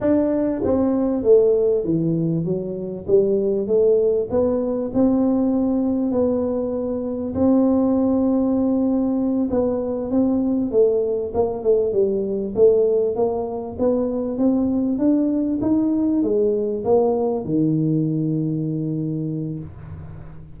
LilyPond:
\new Staff \with { instrumentName = "tuba" } { \time 4/4 \tempo 4 = 98 d'4 c'4 a4 e4 | fis4 g4 a4 b4 | c'2 b2 | c'2.~ c'8 b8~ |
b8 c'4 a4 ais8 a8 g8~ | g8 a4 ais4 b4 c'8~ | c'8 d'4 dis'4 gis4 ais8~ | ais8 dis2.~ dis8 | }